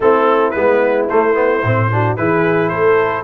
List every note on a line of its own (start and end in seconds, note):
0.00 0.52 A3
0.00 0.55 C4
0.00 1.89 E4
0.00 0.51 A4
0.51 1.09 G#3
0.51 1.09 B3
0.51 1.05 B4
1.09 1.34 A3
1.09 1.63 A3
1.09 2.16 C5
1.34 1.61 B3
1.63 2.17 A2
1.63 1.91 C4
1.91 2.17 D4
1.91 2.18 F#4
2.16 2.71 E3
2.16 3.23 E4
2.16 2.70 G#4
2.16 2.68 B4
2.68 3.23 A3
2.68 3.23 A4
2.68 3.22 C5